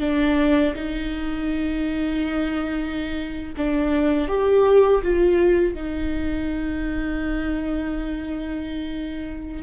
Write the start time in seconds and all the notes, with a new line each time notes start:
0.00 D4
0.75 D#4
3.57 D4
4.28 G4
5.02 F4
5.75 D#4